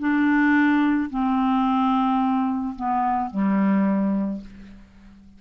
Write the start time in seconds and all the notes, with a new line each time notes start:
0.00 D4
1.10 C4
2.76 B3
3.31 G3